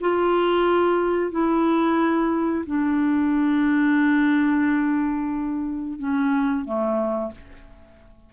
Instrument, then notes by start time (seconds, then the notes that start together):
clarinet
0.00 F4
1.31 E4
2.66 D4
5.98 C#4
6.65 A3